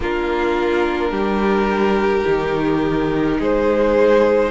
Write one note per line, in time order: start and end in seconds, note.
0.00 1.11 A#3
0.00 2.25 D4
0.00 1.11 F4
0.00 3.41 A#4
1.11 2.24 G3
1.11 3.37 G4
2.25 3.39 D#3
2.25 4.50 D#4
3.38 4.50 G#3
3.38 4.50 G#4
3.38 4.50 C5